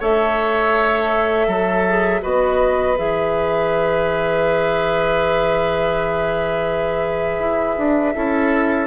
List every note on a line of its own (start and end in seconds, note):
0.00 1.48 A3
0.00 1.85 A4
0.00 1.47 C#5
0.00 2.23 E5
1.47 2.22 F#3
1.47 2.21 A4
1.88 2.22 G#4
2.22 2.99 B3
2.22 2.96 F#4
2.22 8.15 B4
2.22 2.98 D#5
2.97 7.40 E3
2.97 8.15 G#4
2.97 8.87 E5
7.40 7.77 E4
7.78 8.15 D4
8.15 8.87 C#4
8.15 8.87 E4
8.15 8.87 A4